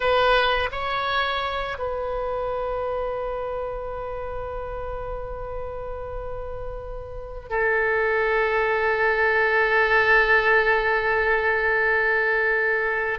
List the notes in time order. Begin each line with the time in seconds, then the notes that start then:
0.00 B4
0.71 C#5
1.78 B4
7.49 A4